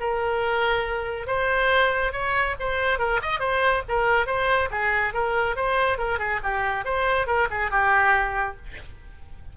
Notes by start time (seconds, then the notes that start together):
0.00 A#4
1.27 C5
2.13 C#5
2.60 C5
2.99 A#4
3.22 D#5
3.40 C5
3.89 A#4
4.26 C5
4.71 G#4
5.14 A#4
5.56 C5
5.98 A#4
6.19 G#4
6.43 G4
6.85 C5
7.27 A#4
7.51 G#4
7.71 G4